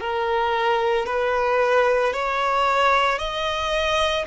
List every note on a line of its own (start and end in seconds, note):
0.00 1.06 A#4
1.06 2.13 B4
2.13 3.18 C#5
3.18 4.25 D#5